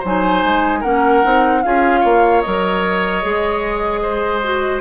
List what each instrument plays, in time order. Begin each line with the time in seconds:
0.00 bassoon F#3, clarinet D#4, oboe C5
0.06 flute G#5
0.44 bassoon G#3
0.81 bassoon A#3, clarinet C#4, oboe A#4, flute F#5
1.24 bassoon C4, clarinet D#4
1.63 bassoon C#4, clarinet F4, oboe G#4, flute F5
2.01 bassoon A#3, oboe C#5
2.42 bassoon F#3, clarinet A#4, flute D#5
3.23 bassoon G#3, clarinet G#4
4.03 oboe C5
4.44 clarinet F#4